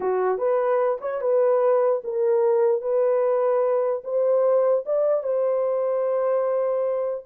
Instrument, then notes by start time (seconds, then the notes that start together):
horn
0.00 F#4
0.38 B4
1.00 C#5
1.21 B4
2.03 A#4
2.81 B4
4.04 C5
4.85 D5
5.23 C5